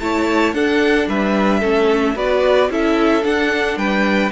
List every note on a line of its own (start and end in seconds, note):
0.00 0.53 A3
0.00 0.55 E4
0.00 0.55 C#5
0.00 0.54 A5
0.53 1.08 D4
0.53 1.62 D4
0.53 1.09 A4
0.53 1.08 F#5
1.08 1.62 G3
1.08 1.60 B4
1.08 2.18 E5
1.60 2.16 A3
1.60 2.16 C#4
1.60 2.14 A4
2.16 2.70 B3
2.16 2.70 F#4
2.16 2.70 B4
2.16 2.72 D5
2.70 3.24 C#4
2.70 3.23 E4
2.70 3.78 A4
2.70 3.25 E5
3.23 4.31 D4
3.23 3.77 D4
3.23 3.78 F#5
3.77 4.31 G3
3.77 4.32 B4
3.77 4.32 G5